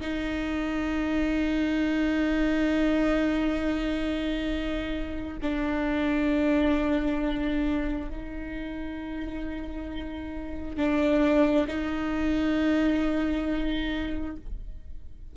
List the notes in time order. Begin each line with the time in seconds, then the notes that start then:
0.00 D#4
5.41 D4
8.10 D#4
10.77 D4
11.67 D#4